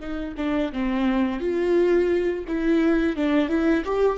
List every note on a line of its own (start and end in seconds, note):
0.00 0.35 D#4
0.37 0.72 D4
0.73 1.40 C4
1.40 2.45 F4
2.48 3.16 E4
3.16 3.49 D4
3.49 3.84 E4
3.85 4.18 G4